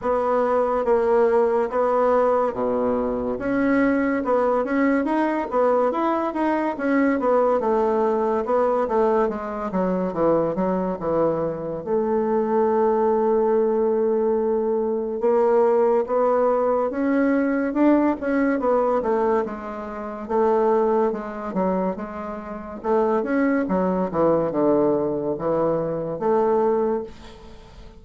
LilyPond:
\new Staff \with { instrumentName = "bassoon" } { \time 4/4 \tempo 4 = 71 b4 ais4 b4 b,4 | cis'4 b8 cis'8 dis'8 b8 e'8 dis'8 | cis'8 b8 a4 b8 a8 gis8 fis8 | e8 fis8 e4 a2~ |
a2 ais4 b4 | cis'4 d'8 cis'8 b8 a8 gis4 | a4 gis8 fis8 gis4 a8 cis'8 | fis8 e8 d4 e4 a4 | }